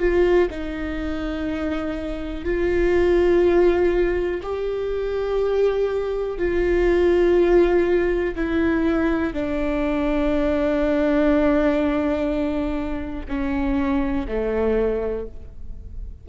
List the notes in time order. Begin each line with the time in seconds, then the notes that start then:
0.00 F4
0.51 D#4
2.45 F4
4.44 G4
6.39 F4
8.36 E4
9.34 D4
13.29 C#4
14.28 A3